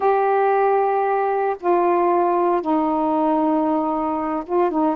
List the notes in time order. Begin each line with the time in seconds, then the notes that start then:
0.00 G4
1.60 F4
2.61 D#4
4.45 F4
4.71 D#4